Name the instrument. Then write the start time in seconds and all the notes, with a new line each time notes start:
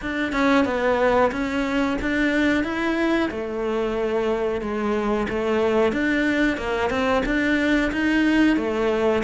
cello
0.01 D4
0.32 C#4
0.65 B3
1.31 C#4
2.01 D4
2.64 E4
3.30 A3
4.61 G#3
5.28 A3
5.92 D4
6.57 A#3
6.90 C4
7.25 D4
7.92 D#4
8.56 A3